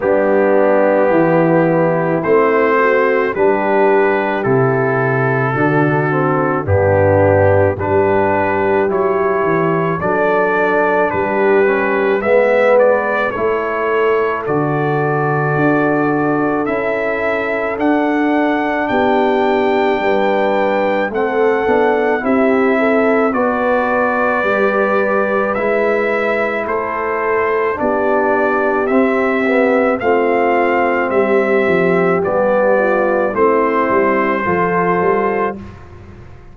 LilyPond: <<
  \new Staff \with { instrumentName = "trumpet" } { \time 4/4 \tempo 4 = 54 g'2 c''4 b'4 | a'2 g'4 b'4 | cis''4 d''4 b'4 e''8 d''8 | cis''4 d''2 e''4 |
fis''4 g''2 fis''4 | e''4 d''2 e''4 | c''4 d''4 e''4 f''4 | e''4 d''4 c''2 | }
  \new Staff \with { instrumentName = "horn" } { \time 4/4 d'4 e'4. fis'8 g'4~ | g'4 fis'4 d'4 g'4~ | g'4 a'4 g'4 b'4 | a'1~ |
a'4 g'4 b'4 a'4 | g'8 a'8 b'2. | a'4 g'2 f'4 | g'4. f'8 e'4 a'4 | }
  \new Staff \with { instrumentName = "trombone" } { \time 4/4 b2 c'4 d'4 | e'4 d'8 c'8 b4 d'4 | e'4 d'4. cis'8 b4 | e'4 fis'2 e'4 |
d'2. c'8 d'8 | e'4 fis'4 g'4 e'4~ | e'4 d'4 c'8 b8 c'4~ | c'4 b4 c'4 f'4 | }
  \new Staff \with { instrumentName = "tuba" } { \time 4/4 g4 e4 a4 g4 | c4 d4 g,4 g4 | fis8 e8 fis4 g4 gis4 | a4 d4 d'4 cis'4 |
d'4 b4 g4 a8 b8 | c'4 b4 g4 gis4 | a4 b4 c'4 a4 | g8 f8 g4 a8 g8 f8 g8 | }
>>